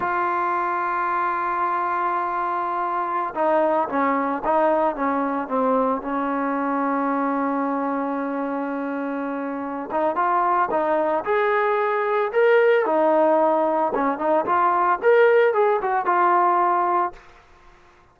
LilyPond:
\new Staff \with { instrumentName = "trombone" } { \time 4/4 \tempo 4 = 112 f'1~ | f'2~ f'16 dis'4 cis'8.~ | cis'16 dis'4 cis'4 c'4 cis'8.~ | cis'1~ |
cis'2~ cis'8 dis'8 f'4 | dis'4 gis'2 ais'4 | dis'2 cis'8 dis'8 f'4 | ais'4 gis'8 fis'8 f'2 | }